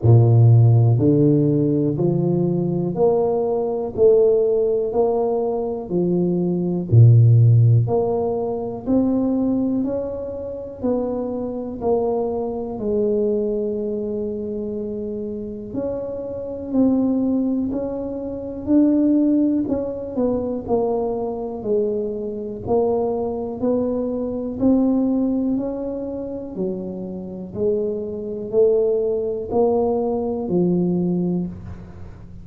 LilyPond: \new Staff \with { instrumentName = "tuba" } { \time 4/4 \tempo 4 = 61 ais,4 d4 f4 ais4 | a4 ais4 f4 ais,4 | ais4 c'4 cis'4 b4 | ais4 gis2. |
cis'4 c'4 cis'4 d'4 | cis'8 b8 ais4 gis4 ais4 | b4 c'4 cis'4 fis4 | gis4 a4 ais4 f4 | }